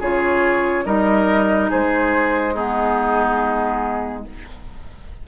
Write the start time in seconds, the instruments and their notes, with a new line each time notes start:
0.00 bassoon C#3, clarinet F4, oboe G#4, flute C#5
0.85 bassoon G3, clarinet D#4, oboe A#4, flute D#5
1.70 bassoon G#3, oboe G#4, flute C5
2.54 clarinet B3, oboe D#4, flute G#4